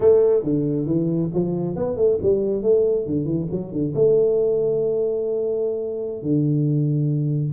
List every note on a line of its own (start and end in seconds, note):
0.00 0.43 A3
0.43 0.86 D3
0.86 1.30 E3
1.34 1.76 F3
1.76 1.96 B3
1.96 2.18 A3
2.22 2.62 G3
2.62 3.06 A3
3.06 3.25 D3
3.25 3.47 E3
3.51 3.71 F#3
3.71 3.93 D3
3.95 6.22 A3
6.22 7.53 D3